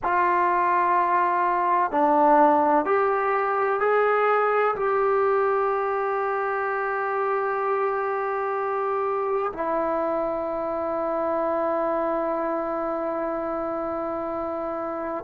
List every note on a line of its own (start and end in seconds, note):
0.03 1.91 F4
1.91 2.85 D4
2.85 3.80 G4
3.80 4.75 G#4
4.75 9.52 G4
9.53 15.24 E4